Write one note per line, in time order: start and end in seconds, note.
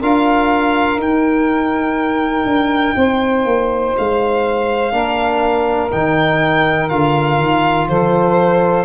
0.00 0.97 D4
0.00 0.99 F4
0.00 2.95 A#4
0.00 1.00 F5
0.97 2.45 D#4
0.97 4.91 D#4
0.97 3.96 G5
2.45 2.94 D4
2.96 3.45 C4
2.96 4.93 C5
3.45 3.94 A#3
3.97 4.92 G#3
3.97 5.91 F5
4.91 5.90 A#3
4.91 5.89 D4
4.91 7.88 A#4
5.91 6.91 D#3
5.91 6.90 D#4
5.91 6.89 G5
6.89 7.39 D3
6.89 8.85 F4
6.89 7.88 F5
7.39 7.89 D#3
7.88 8.85 F3
7.88 8.85 A4
7.88 8.85 C5